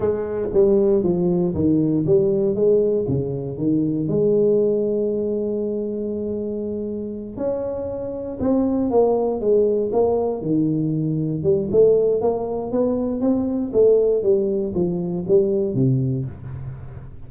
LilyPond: \new Staff \with { instrumentName = "tuba" } { \time 4/4 \tempo 4 = 118 gis4 g4 f4 dis4 | g4 gis4 cis4 dis4 | gis1~ | gis2~ gis8 cis'4.~ |
cis'8 c'4 ais4 gis4 ais8~ | ais8 dis2 g8 a4 | ais4 b4 c'4 a4 | g4 f4 g4 c4 | }